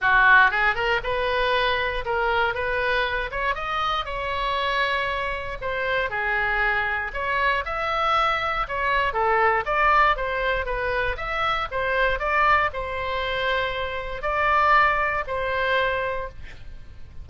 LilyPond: \new Staff \with { instrumentName = "oboe" } { \time 4/4 \tempo 4 = 118 fis'4 gis'8 ais'8 b'2 | ais'4 b'4. cis''8 dis''4 | cis''2. c''4 | gis'2 cis''4 e''4~ |
e''4 cis''4 a'4 d''4 | c''4 b'4 e''4 c''4 | d''4 c''2. | d''2 c''2 | }